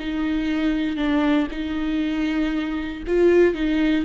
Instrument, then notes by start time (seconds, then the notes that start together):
viola
0.00 D#4
0.97 D4
1.51 D#4
3.08 F4
3.55 D#4